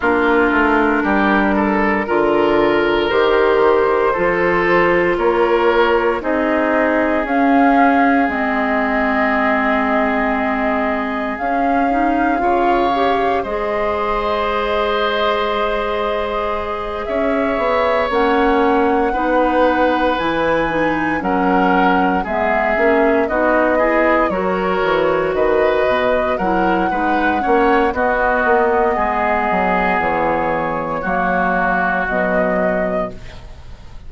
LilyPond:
<<
  \new Staff \with { instrumentName = "flute" } { \time 4/4 \tempo 4 = 58 ais'2. c''4~ | c''4 cis''4 dis''4 f''4 | dis''2. f''4~ | f''4 dis''2.~ |
dis''8 e''4 fis''2 gis''8~ | gis''8 fis''4 e''4 dis''4 cis''8~ | cis''8 dis''4 fis''4. dis''4~ | dis''4 cis''2 dis''4 | }
  \new Staff \with { instrumentName = "oboe" } { \time 4/4 f'4 g'8 a'8 ais'2 | a'4 ais'4 gis'2~ | gis'1 | cis''4 c''2.~ |
c''8 cis''2 b'4.~ | b'8 ais'4 gis'4 fis'8 gis'8 ais'8~ | ais'8 b'4 ais'8 b'8 cis''8 fis'4 | gis'2 fis'2 | }
  \new Staff \with { instrumentName = "clarinet" } { \time 4/4 d'2 f'4 g'4 | f'2 dis'4 cis'4 | c'2. cis'8 dis'8 | f'8 g'8 gis'2.~ |
gis'4. cis'4 dis'4 e'8 | dis'8 cis'4 b8 cis'8 dis'8 e'8 fis'8~ | fis'4. e'8 dis'8 cis'8 b4~ | b2 ais4 fis4 | }
  \new Staff \with { instrumentName = "bassoon" } { \time 4/4 ais8 a8 g4 d4 dis4 | f4 ais4 c'4 cis'4 | gis2. cis'4 | cis4 gis2.~ |
gis8 cis'8 b8 ais4 b4 e8~ | e8 fis4 gis8 ais8 b4 fis8 | e8 dis8 b,8 fis8 gis8 ais8 b8 ais8 | gis8 fis8 e4 fis4 b,4 | }
>>